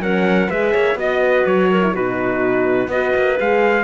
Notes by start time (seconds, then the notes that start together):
0.00 F#3 C#4 A#4 F#5
0.50 G#3 G#4 B4 E5
0.74 A#3 C#5
0.95 B3 F#4 D#5
1.22 B4
1.47 F#3 C#5
1.71 A#4
1.82 E4
1.94 B2 D#4 F#4 B4
2.88 B3 F#4 B4 D#5
3.16 A#3
3.38 G#3 G#4 F5